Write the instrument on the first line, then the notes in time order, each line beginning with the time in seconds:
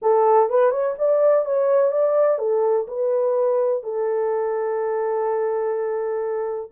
horn
0.02 A4
0.49 B4
0.70 C#5
0.98 D5
1.45 C#5
1.91 D5
2.38 A4
2.87 B4
3.83 A4